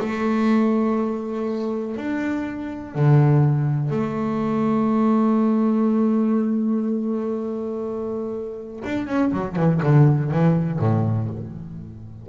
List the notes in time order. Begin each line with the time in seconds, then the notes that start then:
0.00 A3
1.97 D4
2.96 D3
3.91 A3
8.85 D4
9.07 C#4
9.33 F#3
9.57 E3
9.84 D3
10.32 E3
10.80 A2